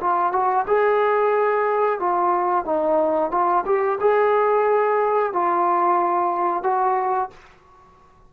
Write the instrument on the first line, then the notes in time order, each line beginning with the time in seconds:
trombone
0.00 F4
0.32 F#4
0.67 G#4
1.99 F4
2.65 D#4
3.31 F4
3.65 G4
4.00 G#4
5.33 F4
6.63 F#4